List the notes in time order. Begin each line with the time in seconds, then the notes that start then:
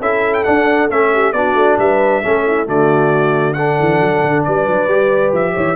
0.00 C#4 E4 A4 E5
0.34 G5
0.44 D4 F#5
0.90 A3 C#4 E5
1.13 G4
1.33 B3 D4 F#4 D5
1.55 A3
1.79 G3 B4 E5
2.23 A3 C#4 A4
2.47 E4
2.66 D3 A3 F#4 D5
3.54 D4 A4 F#5
3.79 E3
4.00 F#3
4.23 D3
4.44 G3 B4 D5
4.68 F#3
4.87 G3 G4
5.33 F3 E5
5.54 E3 C#5